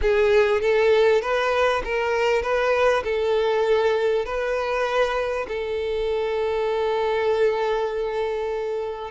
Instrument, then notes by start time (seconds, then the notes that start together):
violin
0.01 G#4
0.61 A4
1.21 B4
1.84 A#4
2.42 B4
3.03 A4
4.25 B4
5.47 A4